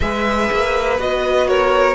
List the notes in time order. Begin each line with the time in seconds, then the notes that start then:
0.00 G#3 G#4 B4 E5
0.51 A#3
0.99 B3 F#4 D#5
1.47 A#4 C#5